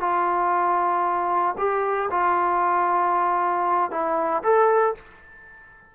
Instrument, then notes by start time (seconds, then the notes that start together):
trombone
0.00 F4
1.57 G4
2.10 F4
3.91 E4
4.42 A4